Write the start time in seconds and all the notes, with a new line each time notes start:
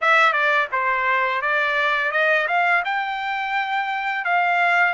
0.01 E5
0.32 D5
0.72 C5
1.41 D5
2.11 D#5
2.47 F5
2.84 G5
4.24 F5